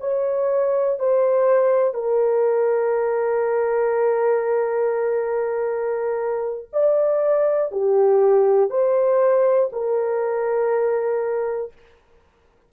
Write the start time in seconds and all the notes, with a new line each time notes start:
0.00 C#5
1.00 C5
1.94 A#4
6.73 D5
7.71 G4
8.70 C5
9.73 A#4